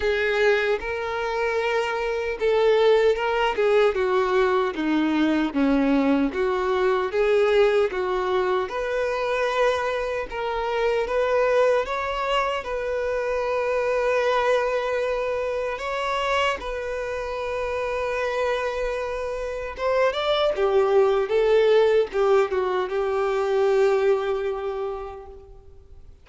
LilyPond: \new Staff \with { instrumentName = "violin" } { \time 4/4 \tempo 4 = 76 gis'4 ais'2 a'4 | ais'8 gis'8 fis'4 dis'4 cis'4 | fis'4 gis'4 fis'4 b'4~ | b'4 ais'4 b'4 cis''4 |
b'1 | cis''4 b'2.~ | b'4 c''8 d''8 g'4 a'4 | g'8 fis'8 g'2. | }